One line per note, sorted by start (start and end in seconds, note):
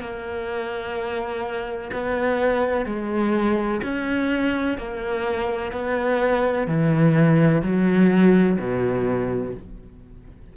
0.00 1.90 A#3
1.93 2.85 B3
2.85 3.81 G#3
3.83 4.77 C#4
4.77 5.72 A#3
5.72 6.67 B3
6.67 7.62 E3
7.62 8.57 F#3
8.58 9.54 B2